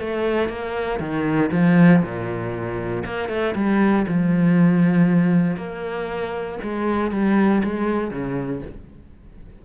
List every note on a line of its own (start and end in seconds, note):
0.00 0.49 A3
0.49 1.00 A#3
1.00 1.50 D#3
1.52 2.02 F3
2.02 3.04 A#2
3.05 3.29 A#3
3.29 3.54 A3
3.55 4.06 G3
4.07 5.57 F3
5.57 6.58 A#3
6.63 7.11 G#3
7.11 7.62 G3
7.64 8.11 G#3
8.11 8.62 C#3